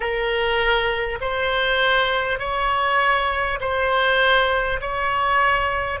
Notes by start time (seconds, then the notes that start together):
0.00 A#4
1.20 C5
2.39 C#5
3.60 C5
4.81 C#5